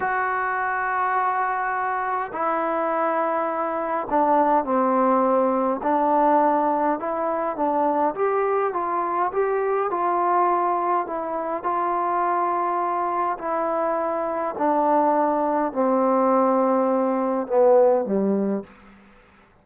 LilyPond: \new Staff \with { instrumentName = "trombone" } { \time 4/4 \tempo 4 = 103 fis'1 | e'2. d'4 | c'2 d'2 | e'4 d'4 g'4 f'4 |
g'4 f'2 e'4 | f'2. e'4~ | e'4 d'2 c'4~ | c'2 b4 g4 | }